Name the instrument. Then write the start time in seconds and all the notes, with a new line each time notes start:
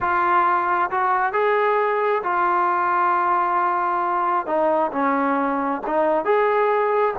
trombone
0.00 F4
0.90 F#4
1.32 G#4
2.23 F4
4.46 D#4
4.92 C#4
5.86 D#4
6.25 G#4